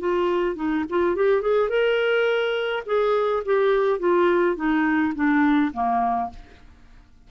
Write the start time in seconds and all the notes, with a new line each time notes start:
0.00 F4
0.56 D#4
0.90 F4
1.16 G4
1.42 G#4
1.69 A#4
2.86 G#4
3.46 G4
3.99 F4
4.56 D#4
5.15 D4
5.74 A#3